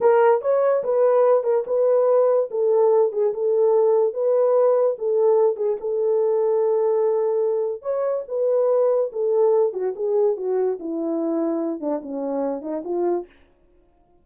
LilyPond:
\new Staff \with { instrumentName = "horn" } { \time 4/4 \tempo 4 = 145 ais'4 cis''4 b'4. ais'8 | b'2 a'4. gis'8 | a'2 b'2 | a'4. gis'8 a'2~ |
a'2. cis''4 | b'2 a'4. fis'8 | gis'4 fis'4 e'2~ | e'8 d'8 cis'4. dis'8 f'4 | }